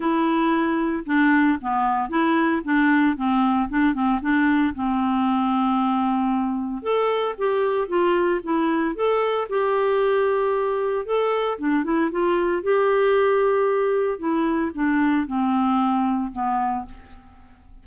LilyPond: \new Staff \with { instrumentName = "clarinet" } { \time 4/4 \tempo 4 = 114 e'2 d'4 b4 | e'4 d'4 c'4 d'8 c'8 | d'4 c'2.~ | c'4 a'4 g'4 f'4 |
e'4 a'4 g'2~ | g'4 a'4 d'8 e'8 f'4 | g'2. e'4 | d'4 c'2 b4 | }